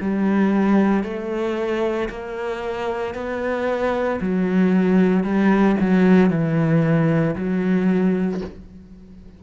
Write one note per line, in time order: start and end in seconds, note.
0.00 1.03 G3
1.03 2.09 A3
2.09 3.14 A#3
3.14 4.20 B3
4.21 5.23 F#3
5.23 5.76 G3
5.80 6.30 F#3
6.30 7.35 E3
7.35 8.41 F#3